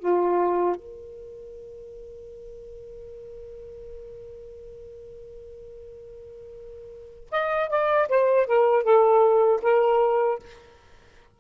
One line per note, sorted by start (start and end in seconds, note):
0.00 0.76 F4
0.76 7.30 A#4
7.31 7.70 D#5
7.70 8.08 D5
8.09 8.47 C5
8.47 8.84 A#4
8.84 9.60 A4
9.62 10.39 A#4